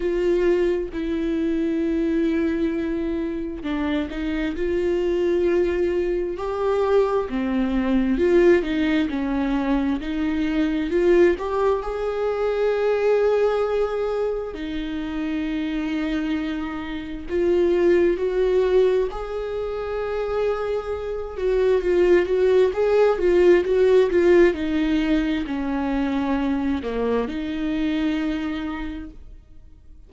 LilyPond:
\new Staff \with { instrumentName = "viola" } { \time 4/4 \tempo 4 = 66 f'4 e'2. | d'8 dis'8 f'2 g'4 | c'4 f'8 dis'8 cis'4 dis'4 | f'8 g'8 gis'2. |
dis'2. f'4 | fis'4 gis'2~ gis'8 fis'8 | f'8 fis'8 gis'8 f'8 fis'8 f'8 dis'4 | cis'4. ais8 dis'2 | }